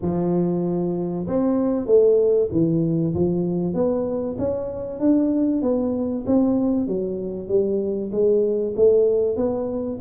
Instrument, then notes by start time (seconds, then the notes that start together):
tuba
0.01 F3
1.27 C4
1.86 A3
2.51 E3
3.14 F3
3.74 B3
4.38 C#4
4.99 D4
5.62 B3
6.26 C4
6.87 F#3
7.48 G3
8.11 G#3
8.76 A3
9.36 B3